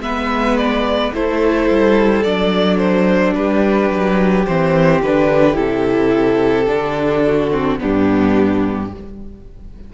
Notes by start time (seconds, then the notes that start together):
0.00 G#3 B3 B4 E5
0.57 D5
1.14 A3 E4 A4 C5
1.70 G3
2.23 F#3 D4 D5
2.78 C5
3.34 G3 G4 B4
3.90 F#3
4.46 E3 C4 C5
5.02 D3 D4 B4
5.53 C3 E4 A4
6.67 D3 D4
7.25 F#4
7.51 C4
7.79 G2 B3 D4 G4